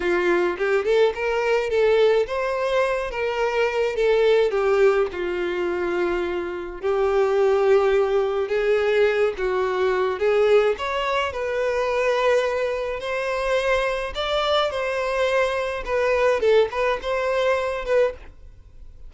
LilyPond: \new Staff \with { instrumentName = "violin" } { \time 4/4 \tempo 4 = 106 f'4 g'8 a'8 ais'4 a'4 | c''4. ais'4. a'4 | g'4 f'2. | g'2. gis'4~ |
gis'8 fis'4. gis'4 cis''4 | b'2. c''4~ | c''4 d''4 c''2 | b'4 a'8 b'8 c''4. b'8 | }